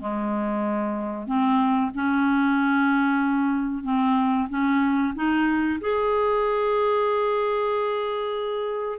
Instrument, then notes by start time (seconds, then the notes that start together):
clarinet
0.00 G#3
1.27 C4
1.94 C#4
3.84 C4
4.50 C#4
5.15 D#4
5.81 G#4